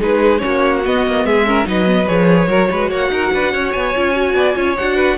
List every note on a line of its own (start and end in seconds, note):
0.00 0.42 G#3
0.00 0.39 D#4
0.00 0.42 G#4
0.00 0.38 B4
0.38 0.81 C#4
0.38 0.80 C#5
0.44 0.86 A#3
0.44 1.26 F#4
0.85 1.06 B3
0.85 1.47 B3
0.85 1.26 D#5
1.06 1.24 A#3
1.24 1.65 G#3
1.24 1.47 G#4
1.24 1.67 E5
1.47 1.64 C#4
1.47 1.68 A#4
1.64 2.07 F#3
1.64 1.85 D#4
1.64 2.48 B4
1.64 2.07 D#5
1.86 2.06 B3
2.07 2.47 F3
2.07 2.48 G#4
2.07 2.90 C#5
2.47 2.68 F#3
2.47 3.94 F#4
2.47 2.69 A#4
2.71 2.91 G#3
2.71 2.90 B4
2.90 3.09 A#3
2.90 3.10 C#5
2.90 3.72 F#5
3.09 3.30 D#4
3.09 3.33 A#4
3.33 3.53 D4
3.33 3.53 B4
3.53 3.74 C#4
3.53 4.35 C#5
3.72 3.95 B3
3.72 4.75 G#5
3.95 4.34 C#4
3.95 4.14 F4
4.14 4.55 F#4
4.34 4.55 B3
4.34 4.55 D5
4.55 4.76 C#4
4.55 4.76 F4
4.55 4.96 C#5
4.77 5.17 D4
4.77 5.17 F#4
4.77 5.17 F#5
4.96 5.16 B4